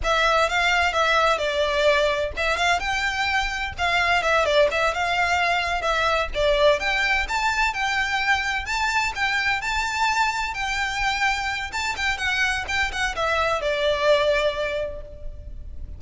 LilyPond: \new Staff \with { instrumentName = "violin" } { \time 4/4 \tempo 4 = 128 e''4 f''4 e''4 d''4~ | d''4 e''8 f''8 g''2 | f''4 e''8 d''8 e''8 f''4.~ | f''8 e''4 d''4 g''4 a''8~ |
a''8 g''2 a''4 g''8~ | g''8 a''2 g''4.~ | g''4 a''8 g''8 fis''4 g''8 fis''8 | e''4 d''2. | }